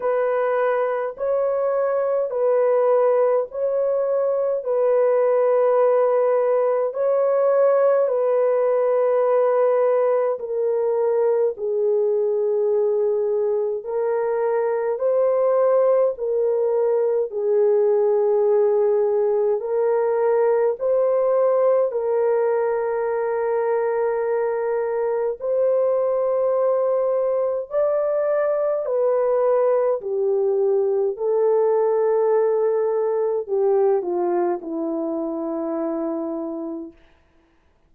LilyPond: \new Staff \with { instrumentName = "horn" } { \time 4/4 \tempo 4 = 52 b'4 cis''4 b'4 cis''4 | b'2 cis''4 b'4~ | b'4 ais'4 gis'2 | ais'4 c''4 ais'4 gis'4~ |
gis'4 ais'4 c''4 ais'4~ | ais'2 c''2 | d''4 b'4 g'4 a'4~ | a'4 g'8 f'8 e'2 | }